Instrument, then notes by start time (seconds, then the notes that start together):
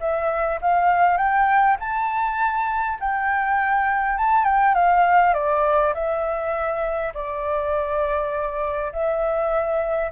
flute
0.00 E5
0.61 F5
1.17 G5
1.80 A5
3.00 G5
4.17 A5
4.44 G5
4.74 F5
5.34 D5
5.94 E5
7.14 D5
8.92 E5